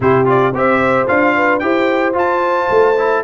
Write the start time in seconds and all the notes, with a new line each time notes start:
0.00 C3 E4 G4 C5
0.25 F4 D5
0.53 C4 G4 C5 E5
1.07 D4 F4 F5
1.36 B4
1.59 E4 G4 C5 G5
2.13 F4 A5
2.69 A3
2.98 E4